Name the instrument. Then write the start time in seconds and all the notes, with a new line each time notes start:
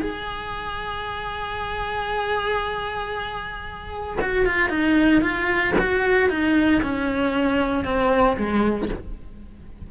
cello
0.00 G#4
4.20 F#4
4.45 F4
4.69 D#4
5.21 F4
5.78 F#4
6.29 D#4
6.82 C#4
7.84 C4
8.37 G#3